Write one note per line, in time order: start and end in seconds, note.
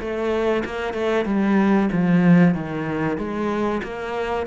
0.00 0.64 A3
0.65 0.94 A#3
0.94 1.25 A3
1.25 1.89 G3
1.92 2.54 F3
2.54 3.18 D#3
3.18 3.82 G#3
3.83 4.47 A#3